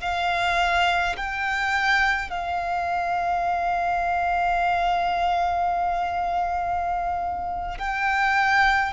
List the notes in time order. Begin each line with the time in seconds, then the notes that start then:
0.00 F5
1.16 G5
2.30 F5
7.78 G5